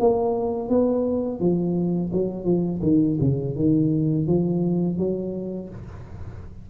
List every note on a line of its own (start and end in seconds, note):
0.00 0.69 A#3
0.69 1.40 B3
1.40 2.11 F3
2.13 2.45 F#3
2.45 2.81 F3
2.83 3.19 D#3
3.20 3.56 C#3
3.56 4.27 D#3
4.27 4.98 F3
4.98 5.69 F#3